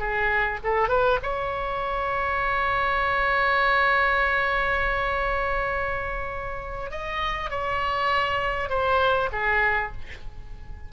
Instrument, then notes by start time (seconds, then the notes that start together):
oboe
0.00 G#4
0.64 A4
0.89 B4
1.23 C#5
6.92 D#5
7.51 C#5
8.70 C5
9.33 G#4